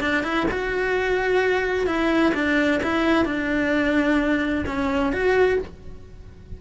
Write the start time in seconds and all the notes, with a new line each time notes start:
0.00 D4
0.23 E4
0.51 F#4
1.86 E4
2.34 D4
2.83 E4
3.25 D4
4.66 C#4
5.12 F#4